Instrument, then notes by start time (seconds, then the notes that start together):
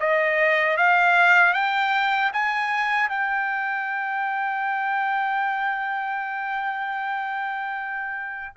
trumpet
0.00 D#5
0.77 F5
1.53 G5
2.33 G#5
3.09 G5